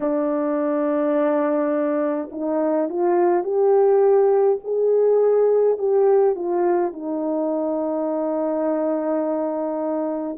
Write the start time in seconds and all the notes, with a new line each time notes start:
0.00 D4
2.31 D#4
2.88 F4
3.43 G4
4.64 G#4
5.78 G4
6.35 F4
6.92 D#4